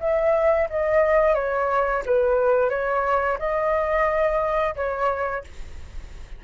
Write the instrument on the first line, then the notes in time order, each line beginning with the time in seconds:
flute
0.00 E5
0.70 D#5
1.35 C#5
2.06 B4
2.70 C#5
3.39 D#5
4.76 C#5